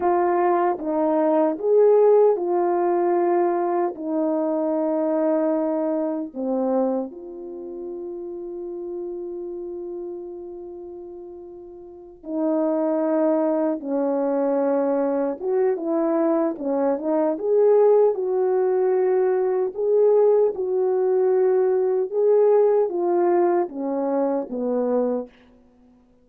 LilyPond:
\new Staff \with { instrumentName = "horn" } { \time 4/4 \tempo 4 = 76 f'4 dis'4 gis'4 f'4~ | f'4 dis'2. | c'4 f'2.~ | f'2.~ f'8 dis'8~ |
dis'4. cis'2 fis'8 | e'4 cis'8 dis'8 gis'4 fis'4~ | fis'4 gis'4 fis'2 | gis'4 f'4 cis'4 b4 | }